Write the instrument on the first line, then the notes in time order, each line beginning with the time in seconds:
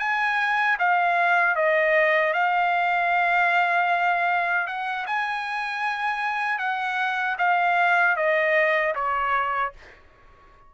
trumpet
0.00 G#5
0.79 F5
1.56 D#5
2.34 F5
4.67 F#5
5.07 G#5
6.59 F#5
7.39 F5
8.17 D#5
8.95 C#5